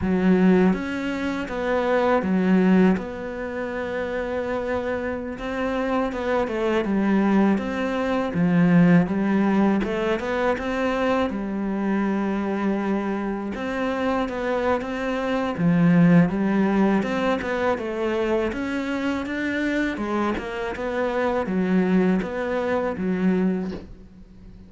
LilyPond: \new Staff \with { instrumentName = "cello" } { \time 4/4 \tempo 4 = 81 fis4 cis'4 b4 fis4 | b2.~ b16 c'8.~ | c'16 b8 a8 g4 c'4 f8.~ | f16 g4 a8 b8 c'4 g8.~ |
g2~ g16 c'4 b8. | c'4 f4 g4 c'8 b8 | a4 cis'4 d'4 gis8 ais8 | b4 fis4 b4 fis4 | }